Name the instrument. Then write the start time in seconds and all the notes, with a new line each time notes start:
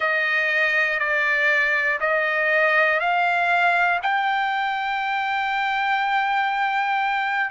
trumpet
0.00 D#5
0.99 D5
2.00 D#5
3.00 F5
4.02 G5